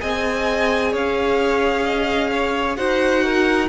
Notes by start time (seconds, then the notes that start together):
0.00 C4 G#4 D#5 G#5
0.92 C#4 C#5 F5
1.84 D#5
2.31 C#5
2.76 D#4 F#4 C5 F#5
3.24 A#4